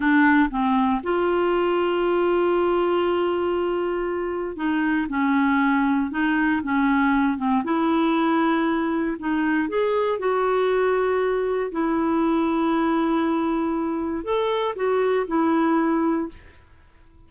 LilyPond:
\new Staff \with { instrumentName = "clarinet" } { \time 4/4 \tempo 4 = 118 d'4 c'4 f'2~ | f'1~ | f'4 dis'4 cis'2 | dis'4 cis'4. c'8 e'4~ |
e'2 dis'4 gis'4 | fis'2. e'4~ | e'1 | a'4 fis'4 e'2 | }